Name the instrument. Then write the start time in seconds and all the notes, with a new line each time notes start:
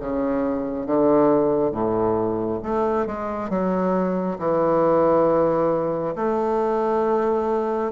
bassoon
0.00 C#3
0.86 D3
1.72 A2
2.63 A3
3.07 G#3
3.50 F#3
4.39 E3
6.16 A3